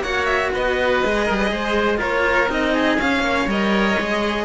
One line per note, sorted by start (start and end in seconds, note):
0.00 0.49 A#3
0.00 1.03 F#4
0.00 0.52 C#5
0.00 0.26 F#5
0.26 0.50 E5
0.53 1.04 B3
0.53 1.26 B4
0.53 2.01 D#5
1.04 1.29 G#3
1.04 1.98 G#4
1.26 1.51 G3
1.26 1.37 A#4
1.37 1.49 B4
1.51 2.01 G#3
1.51 1.99 C5
1.98 2.48 A#3
1.98 2.47 F4
1.98 2.73 A#4
1.98 2.50 C#5
2.48 2.98 C4
2.48 2.98 D#4
2.48 3.00 D#5
2.73 3.22 G#4
2.98 3.21 C#4
2.98 3.48 C#4
2.98 3.49 F5
3.21 3.45 A#3
3.21 4.45 C#5
3.47 3.96 G3
3.47 3.98 A#4
3.47 4.45 D#5
3.96 4.45 G#3
3.96 4.45 G#4